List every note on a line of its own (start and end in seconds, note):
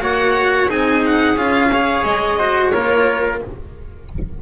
0.00 0.68 A#3
0.00 0.67 F#4
0.00 0.69 C#5
0.00 0.69 F#5
0.68 1.36 C4
0.68 1.35 D#4
0.68 1.70 G#4
0.68 1.04 G#5
1.05 1.38 F#5
1.36 2.03 C#4
1.36 1.71 F4
1.36 2.04 F5
1.71 2.39 G#4
1.71 2.38 C#5
2.04 2.71 G#3
2.04 2.71 D#5
2.38 2.72 F#4
2.38 2.72 C5
2.71 3.41 A#3
2.71 3.40 F4
2.71 3.41 A#4
2.71 3.38 C#5